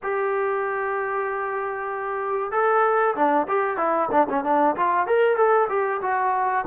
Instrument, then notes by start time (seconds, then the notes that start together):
trombone
0.03 G4
2.51 A4
3.15 D4
3.48 G4
3.77 E4
4.11 D4
4.29 C#4
4.44 D4
4.75 F4
5.06 A#4
5.36 A4
5.69 G4
6.01 F#4